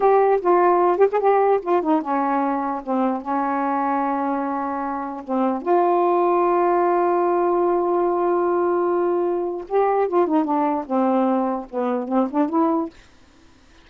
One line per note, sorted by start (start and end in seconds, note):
0.00 0.40 G4
0.41 0.97 F4
0.97 1.07 G4
1.12 1.19 G#4
1.19 1.59 G4
1.62 1.82 F4
1.82 2.01 D#4
2.01 2.82 C#4
2.83 3.21 C4
3.21 5.23 C#4
5.24 5.62 C4
5.62 9.64 F4
9.68 10.08 G4
10.08 10.26 F4
10.26 10.44 D#4
10.44 10.84 D4
10.86 11.66 C4
11.70 12.08 B3
12.08 12.28 C4
12.30 12.49 D4
12.49 12.89 E4